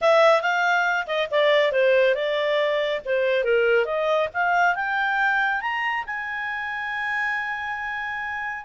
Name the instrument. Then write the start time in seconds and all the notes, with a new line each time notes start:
clarinet
0.01 E5
0.41 F5
1.06 D#5
1.30 D5
1.72 C5
2.15 D5
3.05 C5
3.44 A#4
3.85 D#5
4.33 F5
4.75 G5
5.61 A#5
6.06 G#5